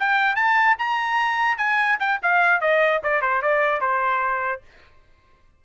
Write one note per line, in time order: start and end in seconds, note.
0.00 0.36 G5
0.36 0.77 A5
0.79 1.58 A#5
1.58 1.99 G#5
2.00 2.21 G5
2.23 2.61 F5
2.61 3.02 D#5
3.04 3.22 D5
3.22 3.43 C5
3.43 3.81 D5
3.81 4.62 C5